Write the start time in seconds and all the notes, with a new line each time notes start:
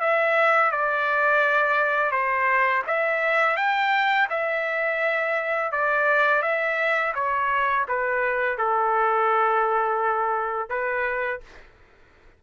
0.00 E5
0.71 D5
2.11 C5
2.87 E5
3.56 G5
4.30 E5
5.71 D5
6.42 E5
7.14 C#5
7.88 B4
8.57 A4
10.69 B4